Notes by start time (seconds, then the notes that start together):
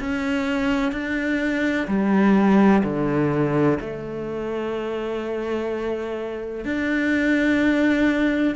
0.00 C#4
0.92 D4
1.88 G3
2.84 D3
3.81 A3
6.65 D4